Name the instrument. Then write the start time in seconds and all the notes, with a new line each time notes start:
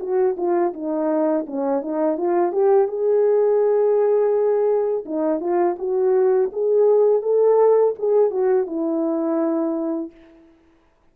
horn
0.00 F#4
0.37 F4
0.74 D#4
1.47 C#4
1.82 D#4
2.18 F4
2.52 G4
2.88 G#4
5.05 D#4
5.40 F4
5.79 F#4
6.53 G#4
7.22 A4
7.98 G#4
8.31 F#4
8.66 E4